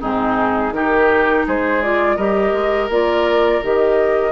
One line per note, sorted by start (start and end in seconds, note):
0.00 0.71 G#2
0.00 0.72 C4
0.00 0.73 D#4
0.00 0.73 G#4
0.71 1.43 D#3
0.71 1.82 D#4
0.71 1.46 G4
0.71 1.46 A#4
1.46 2.17 G#3
1.46 2.16 G#4
1.46 1.82 C5
1.82 2.18 F4
1.82 2.16 D5
2.16 2.52 G3
2.16 2.90 G4
2.16 4.32 A#4
2.16 2.88 D#5
2.52 2.88 G#3
2.89 3.61 A#3
2.89 3.62 F4
2.89 3.63 D5
3.62 4.32 D#3
3.62 4.32 G4
3.62 4.32 D#5